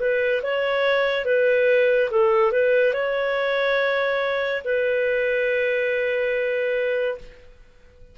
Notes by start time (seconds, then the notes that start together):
0.00 B4
0.43 C#5
1.26 B4
2.11 A4
2.52 B4
2.94 C#5
4.64 B4